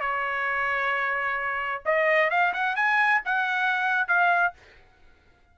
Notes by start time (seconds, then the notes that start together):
0.00 C#5
1.85 D#5
2.30 F5
2.53 F#5
2.76 G#5
3.25 F#5
4.08 F5